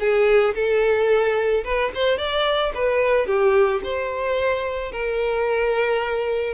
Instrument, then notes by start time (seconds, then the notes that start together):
violin
0.00 G#4
0.55 A4
1.64 B4
1.95 C5
2.18 D5
2.75 B4
3.27 G4
3.84 C5
4.92 A#4